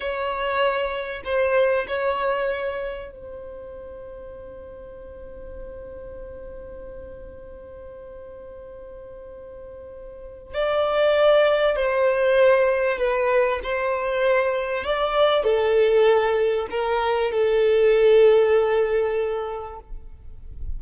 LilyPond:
\new Staff \with { instrumentName = "violin" } { \time 4/4 \tempo 4 = 97 cis''2 c''4 cis''4~ | cis''4 c''2.~ | c''1~ | c''1~ |
c''4 d''2 c''4~ | c''4 b'4 c''2 | d''4 a'2 ais'4 | a'1 | }